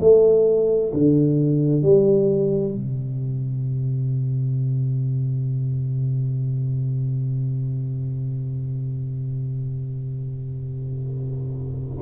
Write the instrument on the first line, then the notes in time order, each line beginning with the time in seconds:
tuba
0.00 A3
0.93 D3
1.83 G3
2.75 C3